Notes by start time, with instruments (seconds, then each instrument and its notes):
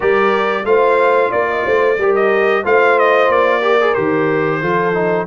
0.00 tuba G3, trombone G4, horn A#4, trumpet D5
0.64 tuba A3, trombone F4, horn C5, trumpet F5
1.30 tuba A#3, horn D5, trumpet D5
1.49 horn D#5
1.65 tuba A3, horn C5
1.98 tuba G3, trombone G4, horn A#4
2.15 trumpet D#5
2.63 tuba A3, trombone F4, horn C5, trumpet F5
2.98 trumpet D#5
3.29 tuba A#3, trumpet D5
3.59 trombone G4, horn A#4
3.80 trombone G#4
3.94 tuba D#3, trombone G4, trumpet C5
4.61 tuba F3, trombone F4, horn A4
4.93 trombone D#4